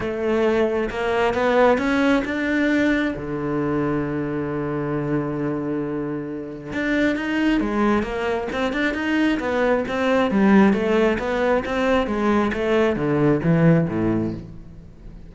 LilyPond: \new Staff \with { instrumentName = "cello" } { \time 4/4 \tempo 4 = 134 a2 ais4 b4 | cis'4 d'2 d4~ | d1~ | d2. d'4 |
dis'4 gis4 ais4 c'8 d'8 | dis'4 b4 c'4 g4 | a4 b4 c'4 gis4 | a4 d4 e4 a,4 | }